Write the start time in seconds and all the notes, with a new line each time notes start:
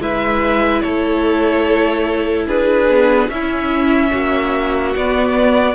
0.00 G#3 E4 B4 E5
0.81 A3 A4 C#5
2.47 D4 G#4 B4
2.89 B3
3.29 C#4 E4 E5
4.11 A#3 F#4
4.95 B3 D5